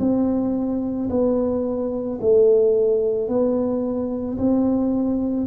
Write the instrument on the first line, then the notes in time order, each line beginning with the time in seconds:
tuba
0.00 C4
1.10 B3
2.21 A3
3.28 B3
4.38 C4